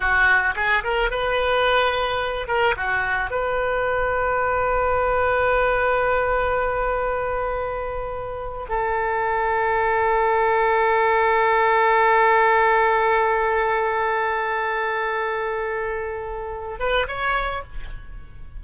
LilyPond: \new Staff \with { instrumentName = "oboe" } { \time 4/4 \tempo 4 = 109 fis'4 gis'8 ais'8 b'2~ | b'8 ais'8 fis'4 b'2~ | b'1~ | b'2.~ b'8. a'16~ |
a'1~ | a'1~ | a'1~ | a'2~ a'8 b'8 cis''4 | }